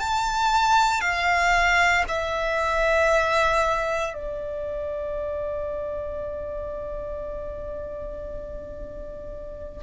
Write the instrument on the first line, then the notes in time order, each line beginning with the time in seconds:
violin
0.00 A5
1.01 F5
2.08 E5
4.14 D5